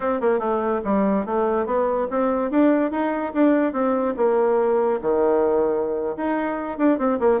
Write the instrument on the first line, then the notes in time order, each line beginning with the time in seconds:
bassoon
0.00 C4
0.20 A#3
0.39 A3
0.84 G3
1.25 A3
1.66 B3
2.10 C4
2.51 D4
2.91 D#4
3.33 D4
3.72 C4
4.16 A#3
5.01 D#3
6.16 D#4
6.77 D4
6.98 C4
7.19 A#3